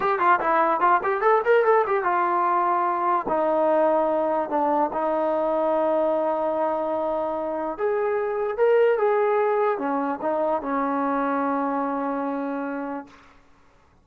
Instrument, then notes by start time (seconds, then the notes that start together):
trombone
0.00 G4
0.19 F4
0.40 E4
0.80 F4
1.03 G4
1.21 A4
1.44 A#4
1.64 A4
1.86 G4
2.03 F4
3.28 D#4
4.49 D4
4.93 D#4
7.77 G#4
8.57 A#4
8.98 G#4
9.78 C#4
10.21 D#4
10.62 C#4